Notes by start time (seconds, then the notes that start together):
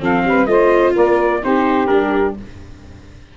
0.00 F3 C4 A4 F5
0.25 G3 B4
0.46 A3 F4 C5 D#5
0.94 A#3 A#4 D5
1.44 C4 D#4 G4 C5
1.87 G3 D4 A#4